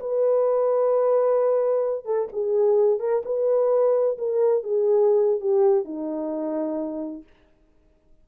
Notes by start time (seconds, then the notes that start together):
0.00 B4
2.05 A4
2.32 G#4
2.99 A#4
3.25 B4
4.18 A#4
4.63 G#4
5.40 G4
5.85 D#4